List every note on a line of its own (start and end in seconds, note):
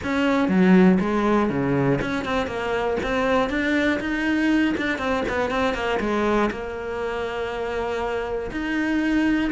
0.03 0.48 C#4
0.48 0.98 F#3
1.00 1.49 G#3
1.49 1.99 C#3
2.01 2.25 C#4
2.25 2.46 C4
2.46 2.96 A#3
3.03 3.49 C4
3.49 3.99 D4
4.00 4.75 D#4
4.77 4.98 D4
4.98 5.23 C4
5.28 5.50 B3
5.50 5.74 C4
5.74 5.99 A#3
6.00 6.50 G#3
6.50 8.50 A#3
8.51 9.51 D#4